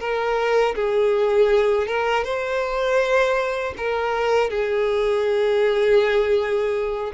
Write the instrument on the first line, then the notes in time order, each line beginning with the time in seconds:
violin
0.00 A#4
0.76 G#4
1.88 A#4
2.24 C5
3.77 A#4
4.50 G#4